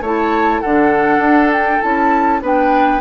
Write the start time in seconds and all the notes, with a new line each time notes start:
0.00 A3 E4 C#5 A5
0.60 D3 D4 A4 F#5
1.18 D4
1.52 G5
1.81 C#4 E4 A5
2.41 B3 D4 B4 G5